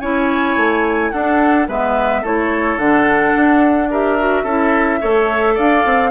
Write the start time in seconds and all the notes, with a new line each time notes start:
0.00 C#4 E4 C#5 G#5
0.57 A3
1.11 D4 A4 F#5
1.68 G#3 B3 B4 E5
2.22 A3 E4 A4 C#5
2.78 D3 D4 F#5
3.36 D4
3.91 G4 A#4 E5
4.19 F#4
4.44 C#4 E4 A4
5.01 A3 A4 C#5
5.55 D4 D5 F5
5.85 C4